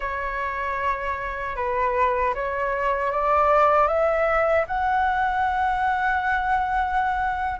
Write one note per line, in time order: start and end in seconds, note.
0.00 1.55 C#5
1.56 2.34 B4
2.34 3.11 C#5
3.11 3.87 D5
3.87 4.65 E5
4.67 7.59 F#5